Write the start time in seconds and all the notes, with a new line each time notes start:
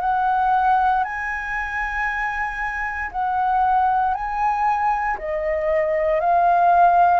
0.00 F#5
1.04 G#5
3.11 F#5
4.14 G#5
5.18 D#5
6.20 F5